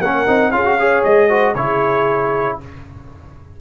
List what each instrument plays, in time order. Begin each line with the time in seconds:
0.00 tuba A#3, trombone C#4, horn A#4, trumpet F#5
0.27 tuba C4, trombone D#4
0.52 tuba C#4, trombone F4, horn G#4, trumpet F5
0.65 trombone F#4
0.78 trombone G#4, horn C#5
1.04 tuba G#3, trumpet D#5
1.29 trombone F#4, horn C5
1.55 tuba C#3, trombone E4, horn G#4, trumpet C#5